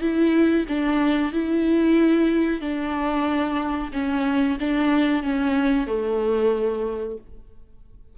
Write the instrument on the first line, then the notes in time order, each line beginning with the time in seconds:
viola
0.00 E4
0.68 D4
1.32 E4
2.61 D4
3.92 C#4
4.59 D4
5.23 C#4
5.87 A3